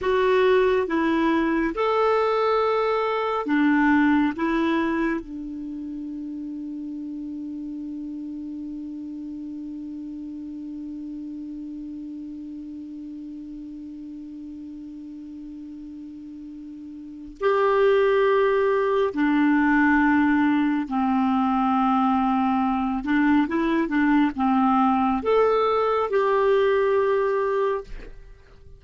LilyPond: \new Staff \with { instrumentName = "clarinet" } { \time 4/4 \tempo 4 = 69 fis'4 e'4 a'2 | d'4 e'4 d'2~ | d'1~ | d'1~ |
d'1 | g'2 d'2 | c'2~ c'8 d'8 e'8 d'8 | c'4 a'4 g'2 | }